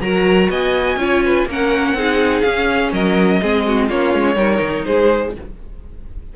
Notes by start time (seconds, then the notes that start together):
0.00 F#3 F#4 A#4 A#5
0.49 B3 D#5 G#5
0.96 C#4 F4 C#5
1.24 B4
1.45 A#3 C#4 A#4
1.52 F#5
1.93 C4 D#4 G#4
2.41 C#4 F5
2.92 F#3 A#4 D#5
3.41 G#3 C4 G#4
3.67 F#4
3.87 A#3 C#4 F4 C#5
4.13 G#3
4.35 G3 D#4 A#4
4.61 D#3
4.85 G#3 G#4 C5